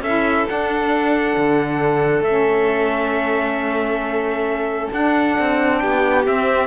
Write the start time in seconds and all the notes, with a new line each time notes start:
0.00 C#4 E4 A4 E5
0.47 D4 F#5
1.37 D3
2.20 A3 C#4 E5
4.92 D4 F#5
5.39 C4
5.78 B3 G4 G5
6.25 C4 E5